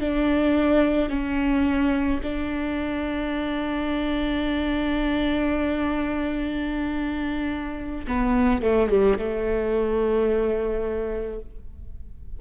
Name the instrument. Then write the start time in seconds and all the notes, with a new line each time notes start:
viola
0.00 D4
1.09 C#4
2.23 D4
8.07 B3
8.62 A3
8.90 G3
9.18 A3